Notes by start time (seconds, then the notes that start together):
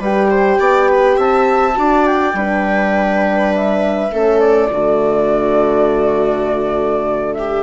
0.00 G3 G4 B4 G5
0.31 C5
0.59 B3 D5
0.89 B4
1.18 C4 E5 A5
1.75 D4 F#4 D5
2.07 G5
2.34 G3 D4 B4
3.55 E5
4.12 A3 C#4 A4
4.40 D5
4.71 D3 A3 F#4
7.34 G4 E5